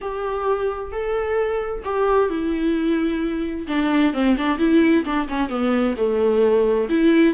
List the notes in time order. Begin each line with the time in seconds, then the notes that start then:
0.01 G4
0.91 A4
1.84 G4
2.29 E4
3.67 D4
4.13 C4
4.37 D4
4.58 E4
5.04 D4
5.28 C#4
5.49 B3
5.97 A3
6.89 E4